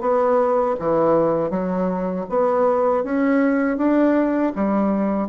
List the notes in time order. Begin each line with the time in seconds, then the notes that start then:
0.00 B3
0.79 E3
1.50 F#3
2.29 B3
3.03 C#4
3.77 D4
4.55 G3